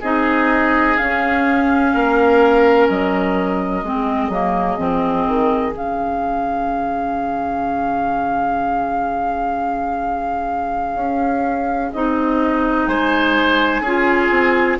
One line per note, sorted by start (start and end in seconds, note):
0.00 0.97 C4
0.00 0.98 D#4
0.00 1.90 G#4
0.00 0.97 D#5
0.97 3.83 C#4
0.97 1.94 C#4
0.97 2.88 F5
1.94 2.89 A#3
1.94 3.85 A#4
2.88 3.83 F#3
2.88 5.74 D#5
3.83 4.28 G#3
3.83 4.32 C4
3.83 12.88 G#4
4.28 4.76 F#3
4.28 4.78 A#3
4.78 5.27 F3
4.78 5.72 C4
5.27 5.73 D#3
5.72 10.95 C#3
5.72 11.91 C#4
5.72 11.93 F5
10.95 11.90 C#4
11.93 12.87 C4
11.93 13.85 D#4
11.93 12.87 D#5
12.87 13.81 G#3
12.87 13.82 C5
12.87 14.77 G#5
13.81 14.29 C#4
13.81 14.80 F4
13.81 14.77 G#4
14.30 14.78 C4